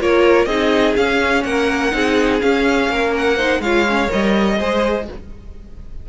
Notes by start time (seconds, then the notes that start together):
0.00 A#3 F4 A#4 C#5
0.46 C4 D#4 G#4 D#5
0.97 C#4 F5
1.44 A#3 A#4 F#5
1.92 C4 D#4 G#4
2.40 C#4 F5
2.90 A#3 A#4
3.17 F#5
3.37 D#4 C5
3.60 G#3 F4 C#5 F5
3.89 C#4
4.09 G3 A#4 D#5
4.58 G#3 G#4 C5